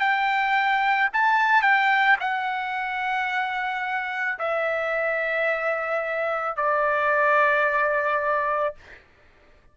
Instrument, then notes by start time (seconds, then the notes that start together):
trumpet
0.00 G5
1.14 A5
1.63 G5
2.21 F#5
4.39 E5
6.57 D5